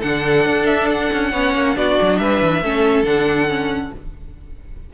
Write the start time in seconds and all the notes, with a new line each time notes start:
0.00 D3 D4 A4 F#5
0.46 D4
0.67 E5
0.92 F#5
1.13 C#4
1.32 B3 C#4 C#5
1.55 A#3
1.76 B3 D4 F#4 D5
2.02 F#3
2.18 G3 B4 E5
2.42 E3
2.63 A3 C#4 A4
3.04 D3 D4 F#5
3.49 C#4